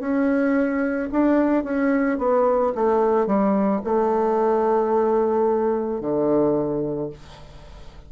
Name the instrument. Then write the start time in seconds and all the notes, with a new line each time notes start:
bassoon
0.00 C#4
1.12 D4
1.64 C#4
2.19 B3
2.75 A3
3.27 G3
3.84 A3
6.01 D3